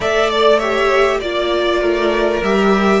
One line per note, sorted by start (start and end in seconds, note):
0.00 1.21 A3
0.00 0.61 A4
0.00 0.57 D5
0.00 0.30 E5
0.30 0.59 D5
0.57 1.21 G4
0.57 1.18 C#5
0.57 1.20 E5
1.20 1.81 A#3
1.20 2.43 F4
1.20 1.80 D5
1.20 2.43 D5
1.80 2.42 A3
1.80 3.00 A#4
2.42 3.00 G3
2.42 3.00 G4
2.42 3.00 E5